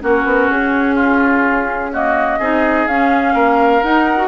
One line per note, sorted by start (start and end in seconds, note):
0.00 0.25 A#3
0.00 1.90 C#4
0.00 0.95 F#4
0.00 0.50 A#4
0.25 0.48 B3
0.49 2.39 C#4
0.49 1.93 G#4
0.95 1.90 F4
1.92 2.41 A#3
1.92 2.39 F#4
1.92 2.87 D#5
2.39 2.87 C4
2.39 2.89 D#4
2.39 3.34 G#4
2.87 3.33 C#4
2.87 3.82 C#4
2.87 3.82 F5
3.33 3.81 A#3
3.33 4.27 A#4
3.82 4.17 D#4
3.82 4.27 D#4
3.82 4.27 F#5
4.17 4.27 F#4